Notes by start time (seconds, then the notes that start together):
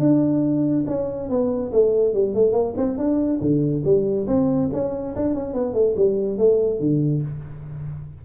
0.00 D4
0.87 C#4
1.29 B3
1.73 A3
2.14 G3
2.35 A3
2.53 A#3
2.77 C4
2.98 D4
3.41 D3
3.85 G3
4.28 C4
4.73 C#4
5.16 D4
5.35 C#4
5.54 B3
5.74 A3
5.97 G3
6.38 A3
6.80 D3